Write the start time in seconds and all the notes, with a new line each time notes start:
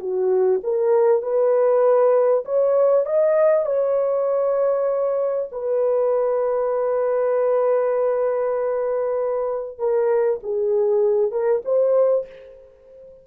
0.00 F#4
0.63 A#4
1.22 B4
2.45 C#5
3.06 D#5
3.66 C#5
5.52 B4
9.78 A#4
10.43 G#4
11.32 A#4
11.65 C5